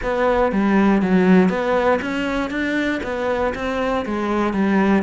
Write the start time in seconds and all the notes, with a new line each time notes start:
0.02 B3
0.52 G3
1.02 F#3
1.49 B3
2.01 C#4
2.50 D4
3.03 B3
3.55 C4
4.05 G#3
4.53 G3